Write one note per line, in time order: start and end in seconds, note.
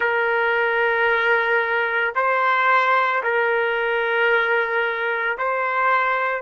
0.00 2.13 A#4
2.15 3.22 C5
3.23 5.37 A#4
5.38 6.41 C5